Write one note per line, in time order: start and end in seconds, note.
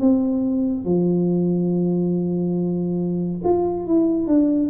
0.00 0.85 C4
0.85 3.42 F3
3.44 3.87 F4
3.87 4.27 E4
4.27 4.70 D4